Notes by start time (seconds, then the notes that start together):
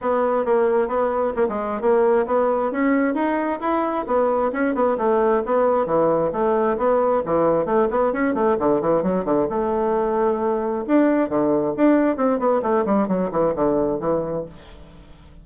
0.01 B3
0.45 A#3
0.88 B3
1.36 A#3
1.48 G#3
1.81 A#3
2.26 B3
2.71 C#4
3.14 D#4
3.60 E4
4.06 B3
4.52 C#4
4.74 B3
4.97 A3
5.45 B3
5.85 E3
6.32 A3
6.77 B3
7.25 E3
7.65 A3
7.90 B3
8.13 C#4
8.34 A3
8.59 D3
8.81 E3
9.02 F#3
9.25 D3
9.49 A3
10.87 D4
11.29 D3
11.76 D4
12.16 C4
12.39 B3
12.62 A3
12.85 G3
13.08 F#3
13.31 E3
13.55 D3
14.00 E3